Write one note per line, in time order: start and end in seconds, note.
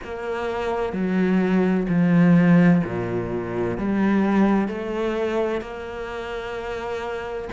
0.04 0.92 A#3
0.92 1.86 F#3
1.88 2.82 F3
2.84 3.78 A#2
3.78 4.68 G3
4.68 5.61 A3
5.61 7.48 A#3